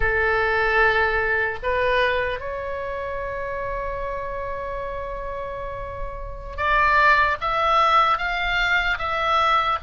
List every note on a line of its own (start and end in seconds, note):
0.00 1.59 A4
1.62 2.40 B4
2.40 6.56 C#5
6.56 7.36 D5
7.40 8.17 E5
8.17 8.97 F5
8.98 9.78 E5